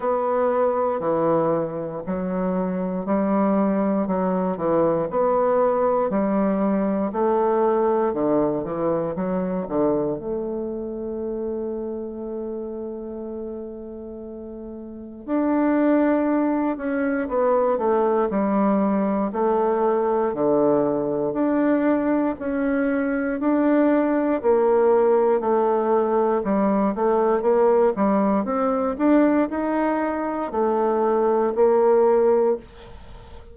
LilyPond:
\new Staff \with { instrumentName = "bassoon" } { \time 4/4 \tempo 4 = 59 b4 e4 fis4 g4 | fis8 e8 b4 g4 a4 | d8 e8 fis8 d8 a2~ | a2. d'4~ |
d'8 cis'8 b8 a8 g4 a4 | d4 d'4 cis'4 d'4 | ais4 a4 g8 a8 ais8 g8 | c'8 d'8 dis'4 a4 ais4 | }